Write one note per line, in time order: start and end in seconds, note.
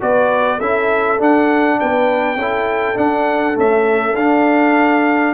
0.00 0.61 B3
0.00 0.59 F#4
0.00 0.57 B4
0.00 0.60 D5
0.57 1.20 C#4
0.57 1.18 E4
0.57 1.76 A4
0.57 1.19 E5
1.18 2.37 D4
1.18 1.79 D4
1.18 1.79 F#5
1.79 2.36 B3
1.79 2.38 B4
1.79 2.97 G5
2.36 2.95 C#4
2.36 2.95 E4
2.36 5.34 A4
2.95 3.54 D4
2.95 3.56 D4
2.95 3.57 F#5
3.54 4.13 A3
3.54 4.15 C#4
3.54 4.16 E5
4.15 5.34 D4
4.15 5.34 F5